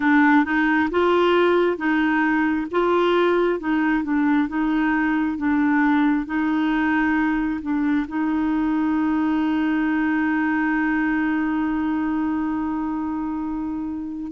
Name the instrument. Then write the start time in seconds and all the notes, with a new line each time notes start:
clarinet
0.00 D4
0.44 D#4
0.90 F4
1.77 D#4
2.71 F4
3.59 D#4
4.03 D4
4.48 D#4
5.37 D4
6.26 D#4
7.61 D4
8.07 D#4